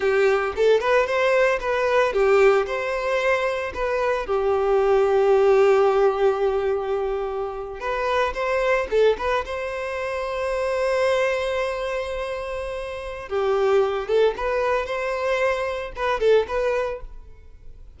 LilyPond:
\new Staff \with { instrumentName = "violin" } { \time 4/4 \tempo 4 = 113 g'4 a'8 b'8 c''4 b'4 | g'4 c''2 b'4 | g'1~ | g'2~ g'8. b'4 c''16~ |
c''8. a'8 b'8 c''2~ c''16~ | c''1~ | c''4 g'4. a'8 b'4 | c''2 b'8 a'8 b'4 | }